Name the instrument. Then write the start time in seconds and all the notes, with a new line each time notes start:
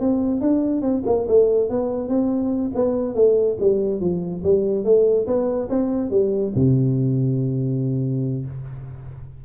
tuba
0.00 C4
0.41 D4
0.82 C4
1.06 A#3
1.28 A3
1.70 B3
2.08 C4
2.75 B3
3.15 A3
3.60 G3
4.01 F3
4.44 G3
4.84 A3
5.27 B3
5.69 C4
6.11 G3
6.56 C3